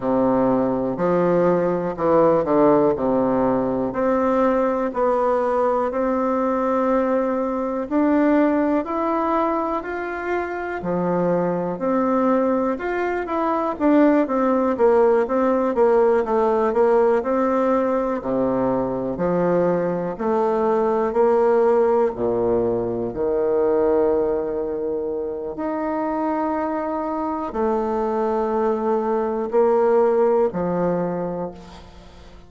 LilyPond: \new Staff \with { instrumentName = "bassoon" } { \time 4/4 \tempo 4 = 61 c4 f4 e8 d8 c4 | c'4 b4 c'2 | d'4 e'4 f'4 f4 | c'4 f'8 e'8 d'8 c'8 ais8 c'8 |
ais8 a8 ais8 c'4 c4 f8~ | f8 a4 ais4 ais,4 dis8~ | dis2 dis'2 | a2 ais4 f4 | }